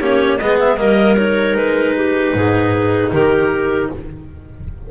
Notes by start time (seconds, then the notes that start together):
0.00 A#3 C#4 G4 C#5
0.38 G#3 B3 G#4 D#5
0.60 E5
0.77 G3 A#3 A#4 D#5
1.17 D#4 C#5
1.56 G#3 B4
1.96 G4
2.33 G#2 G#4
3.12 D#3 G4 A#4